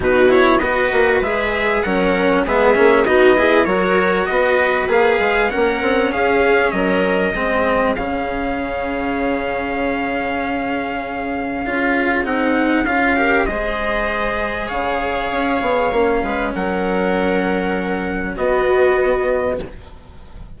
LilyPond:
<<
  \new Staff \with { instrumentName = "trumpet" } { \time 4/4 \tempo 4 = 98 b'8 cis''8 dis''4 e''4 fis''4 | e''4 dis''4 cis''4 dis''4 | f''4 fis''4 f''4 dis''4~ | dis''4 f''2.~ |
f''1 | fis''4 f''4 dis''2 | f''2. fis''4~ | fis''2 dis''2 | }
  \new Staff \with { instrumentName = "viola" } { \time 4/4 fis'4 b'2 ais'4 | gis'4 fis'8 gis'8 ais'4 b'4~ | b'4 ais'4 gis'4 ais'4 | gis'1~ |
gis'1~ | gis'4. ais'8 c''2 | cis''2~ cis''8 b'8 ais'4~ | ais'2 fis'2 | }
  \new Staff \with { instrumentName = "cello" } { \time 4/4 dis'8 e'8 fis'4 gis'4 cis'4 | b8 cis'8 dis'8 e'8 fis'2 | gis'4 cis'2. | c'4 cis'2.~ |
cis'2. f'4 | dis'4 f'8 g'8 gis'2~ | gis'2 cis'2~ | cis'2 b2 | }
  \new Staff \with { instrumentName = "bassoon" } { \time 4/4 b,4 b8 ais8 gis4 fis4 | gis8 ais8 b4 fis4 b4 | ais8 gis8 ais8 c'8 cis'4 fis4 | gis4 cis2.~ |
cis2. cis'4 | c'4 cis'4 gis2 | cis4 cis'8 b8 ais8 gis8 fis4~ | fis2 b2 | }
>>